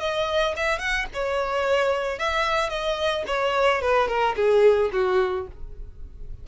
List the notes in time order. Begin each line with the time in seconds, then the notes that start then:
0.00 D#5
0.56 E5
0.79 F#5
1.13 C#5
2.19 E5
2.69 D#5
3.27 C#5
3.81 B4
4.08 A#4
4.36 G#4
4.92 F#4